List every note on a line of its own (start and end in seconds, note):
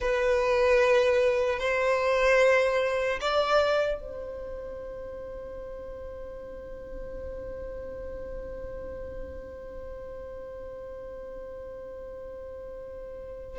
0.00 1.59 B4
1.59 3.19 C5
3.20 4.00 D5
4.00 13.59 C5